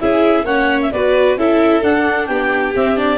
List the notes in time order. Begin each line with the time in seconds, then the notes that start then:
0.00 C#4 E4 G#4 E5
0.44 A#3 C#4 C#5 F#5
0.82 E5
0.92 B3 F#4 B4 D5
1.36 C#4 E4 A4 E5
1.82 D4 F#5
2.26 B3 G4 G5
2.75 C4 E5
2.96 D4 D5